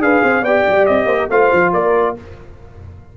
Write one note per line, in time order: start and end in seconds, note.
0.00 0.22 D4
0.00 0.43 G#4
0.00 0.23 B4
0.00 0.44 F5
0.23 0.41 C4
0.23 0.42 C5
0.41 0.63 B3
0.41 1.31 G4
0.41 1.06 D5
0.41 0.86 G5
0.68 0.88 G3
0.86 1.06 C4
0.86 1.28 D#5
1.06 1.27 A#3
1.06 1.16 C5
1.18 1.29 A#4
1.29 1.51 A3
1.29 2.16 F4
1.29 1.72 C5
1.29 1.73 F5
1.52 1.74 F3
1.72 2.17 A#3
1.72 2.15 A#4
1.72 2.16 D5